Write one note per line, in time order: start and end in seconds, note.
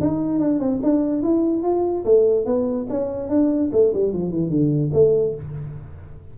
0.00 0.39 D#4
0.39 0.59 D4
0.59 0.80 C4
0.83 1.22 D4
1.22 1.63 E4
1.63 2.04 F4
2.05 2.45 A3
2.45 2.87 B3
2.89 3.29 C#4
3.29 3.70 D4
3.72 3.93 A3
3.93 4.13 G3
4.13 4.31 F3
4.31 4.49 E3
4.49 4.91 D3
4.93 5.34 A3